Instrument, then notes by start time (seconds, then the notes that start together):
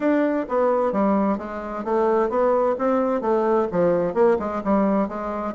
bassoon
0.00 D4
0.48 B3
0.92 G3
1.38 G#3
1.84 A3
2.29 B3
2.78 C4
3.21 A3
3.71 F3
4.14 A#3
4.39 G#3
4.64 G3
5.08 G#3